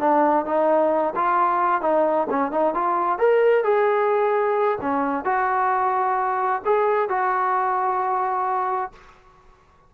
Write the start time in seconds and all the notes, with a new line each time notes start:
0.00 D4
0.45 D#4
1.15 F4
1.82 D#4
2.30 C#4
2.51 D#4
2.74 F4
3.19 A#4
3.64 G#4
4.81 C#4
5.25 F#4
6.65 G#4
7.09 F#4